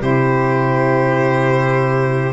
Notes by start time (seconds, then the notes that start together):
0.00 C3 E4 G4 C5